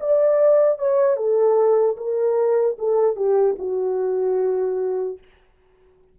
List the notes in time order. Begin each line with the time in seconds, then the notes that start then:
0.00 D5
0.78 C#5
1.16 A4
1.97 A#4
2.78 A4
3.16 G4
3.58 F#4